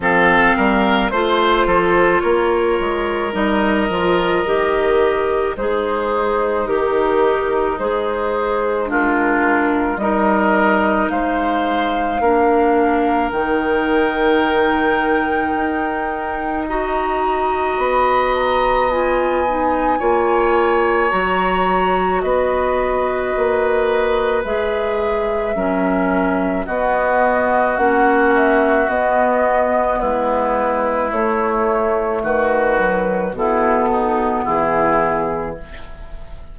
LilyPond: <<
  \new Staff \with { instrumentName = "flute" } { \time 4/4 \tempo 4 = 54 f''4 c''4 cis''4 dis''4~ | dis''4 c''4 ais'4 c''4 | ais'4 dis''4 f''2 | g''2. ais''4 |
b''8 ais''8 gis''2 ais''4 | dis''2 e''2 | dis''4 fis''8 e''8 dis''4 b'4 | cis''4 b'4 a'4 gis'4 | }
  \new Staff \with { instrumentName = "oboe" } { \time 4/4 a'8 ais'8 c''8 a'8 ais'2~ | ais'4 dis'2. | f'4 ais'4 c''4 ais'4~ | ais'2. dis''4~ |
dis''2 cis''2 | b'2. ais'4 | fis'2. e'4~ | e'4 fis'4 e'8 dis'8 e'4 | }
  \new Staff \with { instrumentName = "clarinet" } { \time 4/4 c'4 f'2 dis'8 f'8 | g'4 gis'4 g'4 gis'4 | d'4 dis'2 d'4 | dis'2. fis'4~ |
fis'4 f'8 dis'8 f'4 fis'4~ | fis'2 gis'4 cis'4 | b4 cis'4 b2 | a4. fis8 b2 | }
  \new Staff \with { instrumentName = "bassoon" } { \time 4/4 f8 g8 a8 f8 ais8 gis8 g8 f8 | dis4 gis4 dis4 gis4~ | gis4 g4 gis4 ais4 | dis2 dis'2 |
b2 ais4 fis4 | b4 ais4 gis4 fis4 | b4 ais4 b4 gis4 | a4 dis4 b,4 e4 | }
>>